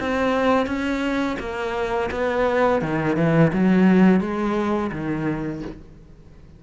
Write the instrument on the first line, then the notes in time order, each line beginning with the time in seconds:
cello
0.00 C4
0.66 C#4
1.40 A#3
2.11 B3
2.81 D#3
3.16 E3
3.53 F#3
4.20 G#3
4.92 D#3